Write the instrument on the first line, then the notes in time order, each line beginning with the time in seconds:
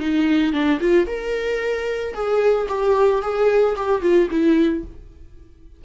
viola
0.00 D#4
0.53 D4
0.81 F4
1.07 A#4
2.14 G#4
2.69 G4
3.22 G#4
3.76 G4
4.02 F4
4.31 E4